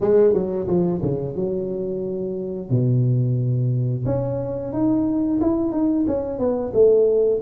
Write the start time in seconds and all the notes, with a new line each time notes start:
0.00 G#3
0.33 F#3
0.67 F3
1.01 C#3
1.35 F#3
2.70 B2
4.05 C#4
4.72 D#4
5.41 E4
5.72 D#4
6.07 C#4
6.39 B3
6.73 A3